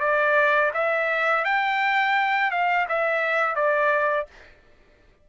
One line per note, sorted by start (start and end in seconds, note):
0.00 0.71 D5
0.74 1.45 E5
1.45 2.51 G5
2.51 2.87 F5
2.89 3.56 E5
3.56 4.27 D5